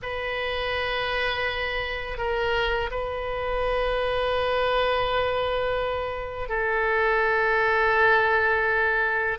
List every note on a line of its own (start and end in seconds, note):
0.02 2.17 B4
2.17 2.89 A#4
2.90 6.48 B4
6.48 9.37 A4